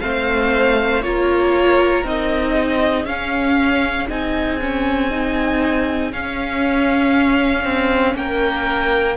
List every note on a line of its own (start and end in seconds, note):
0.00 1.03 A3
0.00 1.02 C4
0.00 1.04 C5
0.00 1.02 F5
1.02 2.04 A#3
1.02 2.04 F4
1.02 2.54 A#4
1.02 2.03 C#5
2.04 3.05 C4
2.04 3.06 D#4
2.04 3.05 D#5
2.54 8.14 G#4
3.05 4.06 C#4
3.05 4.08 C#4
3.05 4.07 F5
4.09 6.12 C4
4.09 4.60 D#4
4.09 6.12 G#5
4.61 5.10 C#4
5.10 6.12 D#4
6.12 9.16 C#4
6.12 7.64 C#4
6.12 8.16 F5
7.64 8.14 C4
8.14 9.16 A#3
8.14 9.16 A#4
8.14 9.16 G5